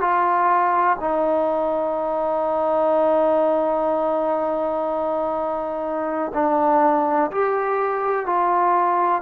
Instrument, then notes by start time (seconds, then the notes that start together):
trombone
0.00 F4
0.99 D#4
6.33 D4
7.31 G4
8.26 F4